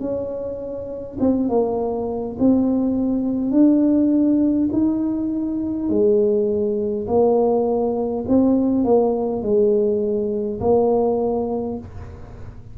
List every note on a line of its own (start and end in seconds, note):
0.00 1.18 C#4
1.20 1.49 C4
1.49 2.37 A#3
2.39 3.51 C4
3.51 4.69 D4
4.72 5.89 D#4
5.89 7.06 G#3
7.07 8.25 A#3
8.28 8.84 C4
8.84 9.42 A#3
9.42 10.60 G#3
10.60 11.78 A#3